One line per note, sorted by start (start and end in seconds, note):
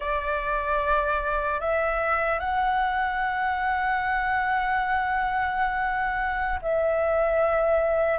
0.00 1.60 D5
1.60 2.39 E5
2.39 6.59 F#5
6.62 8.18 E5